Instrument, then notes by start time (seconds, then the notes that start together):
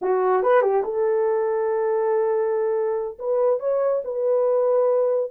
horn
0.01 F#4
0.43 B4
0.61 G4
0.84 A4
3.18 B4
3.59 C#5
4.04 B4